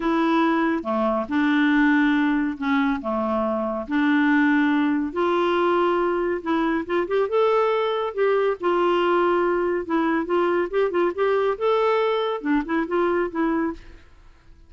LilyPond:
\new Staff \with { instrumentName = "clarinet" } { \time 4/4 \tempo 4 = 140 e'2 a4 d'4~ | d'2 cis'4 a4~ | a4 d'2. | f'2. e'4 |
f'8 g'8 a'2 g'4 | f'2. e'4 | f'4 g'8 f'8 g'4 a'4~ | a'4 d'8 e'8 f'4 e'4 | }